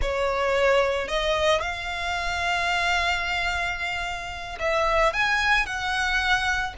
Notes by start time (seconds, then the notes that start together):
0.01 C#5
1.07 D#5
1.61 F5
4.59 E5
5.13 G#5
5.65 F#5